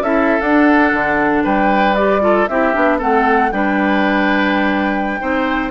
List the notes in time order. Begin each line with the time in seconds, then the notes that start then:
0.00 C#4 E4 A4 E5
0.40 D4 F#5
0.93 D3
1.43 G3 B4 G5
1.95 G4 D5
2.21 F4 A4
2.47 C4 E4 G4 E5
2.73 B3 D4
2.98 A3 C4 A4 F#5
3.52 G3 D4 B4 G5
5.20 C4 D#4 C5